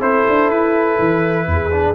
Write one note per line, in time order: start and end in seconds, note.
0.00 0.25 C4
0.00 1.71 E4
0.00 1.48 A4
0.00 0.50 C5
0.28 0.48 D4
0.48 0.97 E4
0.48 1.95 B4
0.99 1.46 E3
1.46 1.95 E2
1.46 1.95 G#4
1.71 1.95 D4